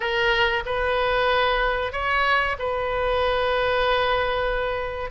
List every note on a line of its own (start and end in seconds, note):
0.00 0.63 A#4
0.65 1.92 B4
1.92 2.56 C#5
2.59 5.10 B4